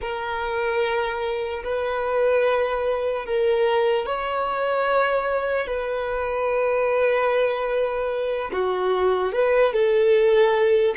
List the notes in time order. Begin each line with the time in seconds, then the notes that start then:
0.01 A#4
1.63 B4
3.25 A#4
4.06 C#5
5.66 B4
8.52 F#4
9.32 B4
9.73 A4